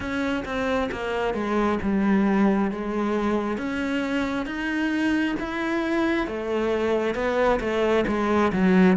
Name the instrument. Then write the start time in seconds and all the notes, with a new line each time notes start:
cello
0.00 C#4
0.45 C4
0.91 A#3
1.34 G#3
1.82 G3
2.71 G#3
3.57 C#4
4.45 D#4
5.39 E4
6.27 A3
7.14 B3
7.60 A3
8.07 G#3
8.52 F#3